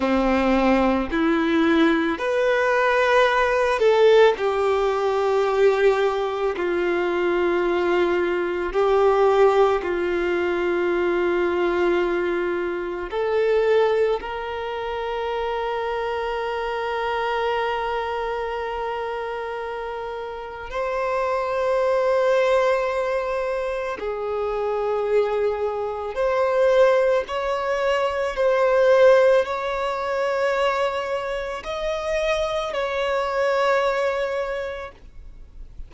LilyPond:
\new Staff \with { instrumentName = "violin" } { \time 4/4 \tempo 4 = 55 c'4 e'4 b'4. a'8 | g'2 f'2 | g'4 f'2. | a'4 ais'2.~ |
ais'2. c''4~ | c''2 gis'2 | c''4 cis''4 c''4 cis''4~ | cis''4 dis''4 cis''2 | }